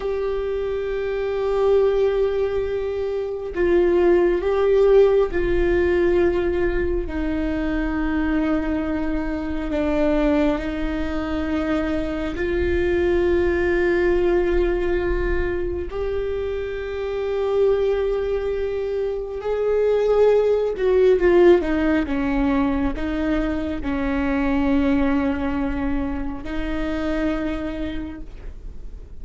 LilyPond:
\new Staff \with { instrumentName = "viola" } { \time 4/4 \tempo 4 = 68 g'1 | f'4 g'4 f'2 | dis'2. d'4 | dis'2 f'2~ |
f'2 g'2~ | g'2 gis'4. fis'8 | f'8 dis'8 cis'4 dis'4 cis'4~ | cis'2 dis'2 | }